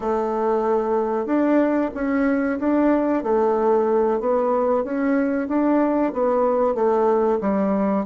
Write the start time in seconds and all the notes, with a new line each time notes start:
0.00 A3
1.26 D4
1.94 C#4
2.59 D4
3.23 A3
4.20 B3
4.84 C#4
5.48 D4
6.12 B3
6.74 A3
7.40 G3